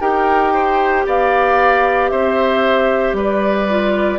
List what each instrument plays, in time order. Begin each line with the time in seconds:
0.00 bassoon D#4, clarinet G4, oboe A#4, flute G5
0.53 oboe C5
1.06 bassoon B3, oboe D5, flute F5
2.09 bassoon C4, oboe C5, flute E5
3.13 bassoon G3, oboe B4, flute D5
3.69 clarinet F4